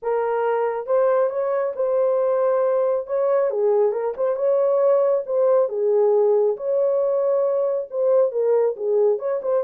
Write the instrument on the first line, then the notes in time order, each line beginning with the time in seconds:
horn
0.02 A#4
0.86 C5
1.29 C#5
1.75 C5
3.07 C#5
3.50 G#4
3.92 A#4
4.16 C5
4.36 C#5
5.26 C5
5.69 G#4
6.56 C#5
7.90 C5
8.31 A#4
8.76 G#4
9.18 C#5
9.42 C5